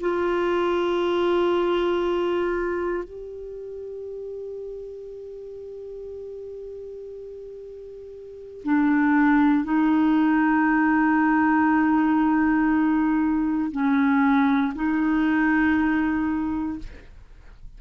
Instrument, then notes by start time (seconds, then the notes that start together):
clarinet
0.00 F4
3.04 G4
8.64 D4
9.64 D#4
13.71 C#4
14.75 D#4